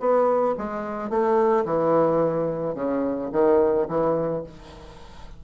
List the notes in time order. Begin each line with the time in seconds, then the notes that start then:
0.00 B3
0.58 G#3
1.10 A3
1.65 E3
2.75 C#3
3.33 D#3
3.89 E3